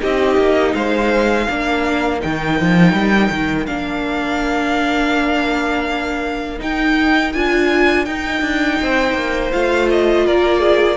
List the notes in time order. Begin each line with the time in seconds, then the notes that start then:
0.00 C4 D#4 G4 D#5
0.37 A#3
0.74 G#3 C5 F5
1.47 A#3 D4 A#4
2.20 D#3 D#4 G5
2.61 F3
2.92 G3
3.30 D#3
3.66 A#3 D4 F5
6.58 D#4 G5
7.32 D4 F4 G#5
8.05 D#4 G5
8.41 D4
8.81 C4 C5
9.14 A#3
9.52 A3 F4 F5
9.90 D#5
10.25 A#3 A#4 D5
10.60 G#4